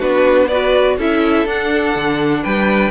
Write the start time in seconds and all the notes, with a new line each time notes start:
0.00 B3 D4 F#4 B4
0.48 F#4 B4 D5
0.98 C#4 E4 A4 E5
1.46 D4 F#5
1.95 D3
2.43 G3 B4 G5